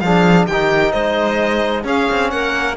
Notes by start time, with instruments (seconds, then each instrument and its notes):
0.00 cello F3, trombone D4, clarinet G#4, violin F5
0.47 cello D#3, trombone D#4, clarinet G4, violin G5
0.92 cello G#3, clarinet C5, violin D#5
1.84 trombone C#4, cello C#4, clarinet G#4, violin F5
2.11 cello C4
2.31 cello A#3, clarinet A#4, violin F#5